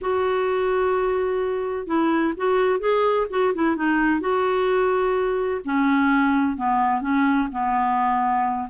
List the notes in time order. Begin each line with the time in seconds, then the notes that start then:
0.01 F#4
1.86 E4
2.37 F#4
2.79 G#4
3.30 F#4
3.54 E4
3.76 D#4
4.20 F#4
5.64 C#4
6.56 B3
7.01 C#4
7.51 B3